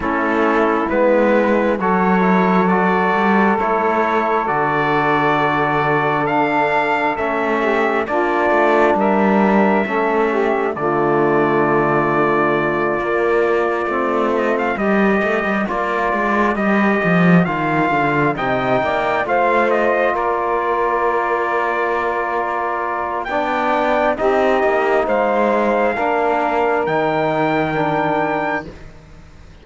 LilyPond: <<
  \new Staff \with { instrumentName = "trumpet" } { \time 4/4 \tempo 4 = 67 a'4 b'4 cis''4 d''4 | cis''4 d''2 f''4 | e''4 d''4 e''2 | d''1 |
dis''16 f''16 dis''4 d''4 dis''4 f''8~ | f''8 g''4 f''8 dis''8 d''4.~ | d''2 g''4 dis''4 | f''2 g''2 | }
  \new Staff \with { instrumentName = "saxophone" } { \time 4/4 e'2 a'2~ | a'1~ | a'8 g'8 f'4 ais'4 a'8 g'8 | f'1~ |
f'8 ais'2.~ ais'8~ | ais'8 dis''8 d''8 c''4 ais'4.~ | ais'2 d''4 g'4 | c''4 ais'2. | }
  \new Staff \with { instrumentName = "trombone" } { \time 4/4 cis'4 b4 fis'8 e'8 fis'4 | e'4 fis'2 d'4 | cis'4 d'2 cis'4 | a2~ a8 ais4 c'8~ |
c'8 g'4 f'4 g'4 f'8~ | f'8 dis'4 f'2~ f'8~ | f'2 d'4 dis'4~ | dis'4 d'4 dis'4 d'4 | }
  \new Staff \with { instrumentName = "cello" } { \time 4/4 a4 gis4 fis4. g8 | a4 d2. | a4 ais8 a8 g4 a4 | d2~ d8 ais4 a8~ |
a8 g8 a16 g16 ais8 gis8 g8 f8 dis8 | d8 c8 ais8 a4 ais4.~ | ais2 b4 c'8 ais8 | gis4 ais4 dis2 | }
>>